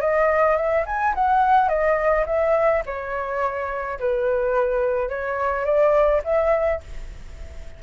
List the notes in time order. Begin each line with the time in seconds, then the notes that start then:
0.00 D#5
0.56 E5
0.86 G#5
1.14 F#5
1.68 D#5
2.26 E5
2.85 C#5
3.99 B4
5.09 C#5
5.64 D5
6.24 E5